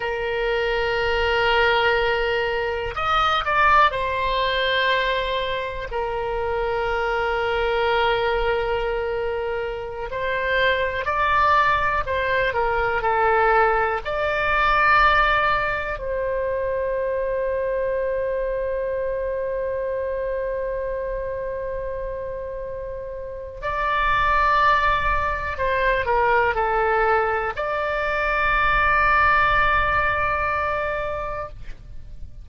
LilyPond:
\new Staff \with { instrumentName = "oboe" } { \time 4/4 \tempo 4 = 61 ais'2. dis''8 d''8 | c''2 ais'2~ | ais'2~ ais'16 c''4 d''8.~ | d''16 c''8 ais'8 a'4 d''4.~ d''16~ |
d''16 c''2.~ c''8.~ | c''1 | d''2 c''8 ais'8 a'4 | d''1 | }